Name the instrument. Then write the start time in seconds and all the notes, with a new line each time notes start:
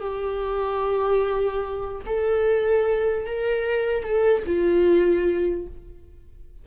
viola
0.00 G4
2.06 A4
3.26 A#4
4.03 A4
4.46 F4